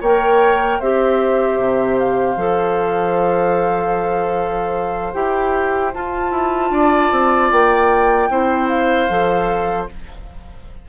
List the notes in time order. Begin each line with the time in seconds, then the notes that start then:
0.00 A#3 A#4 C#5 G5
0.79 C4 G4 C5 E5
1.57 C3
1.99 F5
2.36 F3 A4
5.13 E4 G4 G5
5.93 F4 A5
6.30 E4
6.70 D4 D5
7.11 C4
7.51 A#3 G5
8.29 C4 E4 C5
8.67 F5
9.09 F3 A4